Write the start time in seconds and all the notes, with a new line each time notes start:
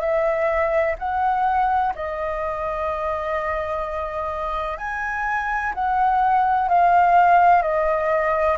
0.00 E5
0.98 F#5
1.95 D#5
4.77 G#5
5.74 F#5
6.68 F5
7.62 D#5